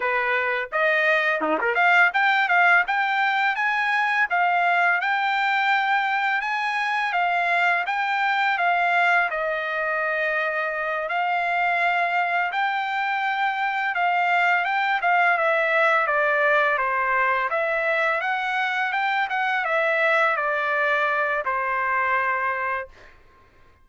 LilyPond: \new Staff \with { instrumentName = "trumpet" } { \time 4/4 \tempo 4 = 84 b'4 dis''4 dis'16 ais'16 f''8 g''8 f''8 | g''4 gis''4 f''4 g''4~ | g''4 gis''4 f''4 g''4 | f''4 dis''2~ dis''8 f''8~ |
f''4. g''2 f''8~ | f''8 g''8 f''8 e''4 d''4 c''8~ | c''8 e''4 fis''4 g''8 fis''8 e''8~ | e''8 d''4. c''2 | }